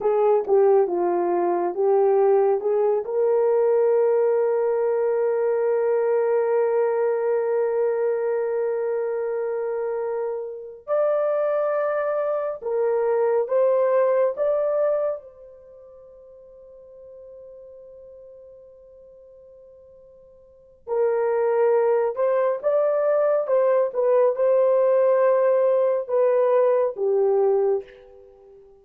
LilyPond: \new Staff \with { instrumentName = "horn" } { \time 4/4 \tempo 4 = 69 gis'8 g'8 f'4 g'4 gis'8 ais'8~ | ais'1~ | ais'1~ | ais'8 d''2 ais'4 c''8~ |
c''8 d''4 c''2~ c''8~ | c''1 | ais'4. c''8 d''4 c''8 b'8 | c''2 b'4 g'4 | }